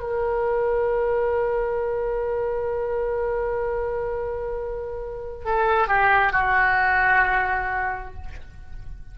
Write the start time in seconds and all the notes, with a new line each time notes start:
0.00 A#4
5.45 A4
5.88 G4
6.32 F#4